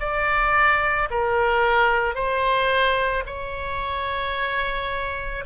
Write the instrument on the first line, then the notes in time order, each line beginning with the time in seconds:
oboe
0.00 D5
1.11 A#4
2.15 C5
3.26 C#5